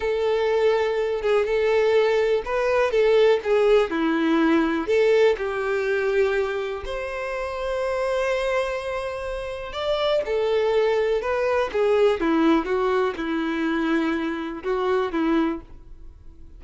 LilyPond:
\new Staff \with { instrumentName = "violin" } { \time 4/4 \tempo 4 = 123 a'2~ a'8 gis'8 a'4~ | a'4 b'4 a'4 gis'4 | e'2 a'4 g'4~ | g'2 c''2~ |
c''1 | d''4 a'2 b'4 | gis'4 e'4 fis'4 e'4~ | e'2 fis'4 e'4 | }